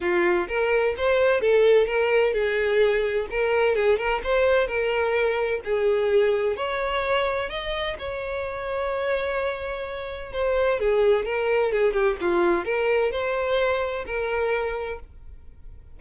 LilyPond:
\new Staff \with { instrumentName = "violin" } { \time 4/4 \tempo 4 = 128 f'4 ais'4 c''4 a'4 | ais'4 gis'2 ais'4 | gis'8 ais'8 c''4 ais'2 | gis'2 cis''2 |
dis''4 cis''2.~ | cis''2 c''4 gis'4 | ais'4 gis'8 g'8 f'4 ais'4 | c''2 ais'2 | }